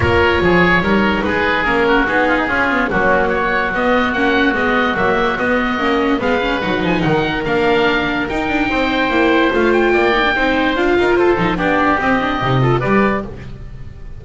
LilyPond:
<<
  \new Staff \with { instrumentName = "oboe" } { \time 4/4 \tempo 4 = 145 cis''2. b'4 | ais'4 gis'2 fis'4 | cis''4 dis''4 fis''4 dis''4 | e''4 dis''2 f''4 |
fis''8 gis''8 fis''4 f''2 | g''2. f''8 g''8~ | g''2 f''4 c''4 | d''4 dis''2 d''4 | }
  \new Staff \with { instrumentName = "oboe" } { \time 4/4 ais'4 gis'4 ais'4 gis'4~ | gis'8 fis'4 f'16 dis'16 f'4 cis'4 | fis'1~ | fis'2. b'4~ |
b'4 ais'2.~ | ais'4 c''2. | d''4 c''4. ais'8 a'4 | g'2~ g'8 a'8 b'4 | }
  \new Staff \with { instrumentName = "viola" } { \time 4/4 f'2 dis'2 | cis'4 dis'4 cis'8 b8 ais4~ | ais4 b4 cis'4 b4 | ais4 b4 cis'4 b8 cis'8 |
dis'2 d'2 | dis'2 e'4 f'4~ | f'8 dis'16 d'16 dis'4 f'4. dis'8 | d'4 c'8 d'8 dis'8 f'8 g'4 | }
  \new Staff \with { instrumentName = "double bass" } { \time 4/4 ais4 f4 g4 gis4 | ais4 b4 cis'4 fis4~ | fis4 b4 ais4 gis4 | fis4 b4 ais4 gis4 |
fis8 f8 dis4 ais2 | dis'8 d'8 c'4 ais4 a4 | ais4 c'4 d'8 dis'8 f'8 f8 | b4 c'4 c4 g4 | }
>>